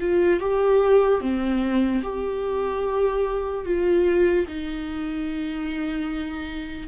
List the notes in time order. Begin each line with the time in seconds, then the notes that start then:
0.00 F4
0.40 G4
1.21 C4
2.03 G4
3.65 F4
4.47 D#4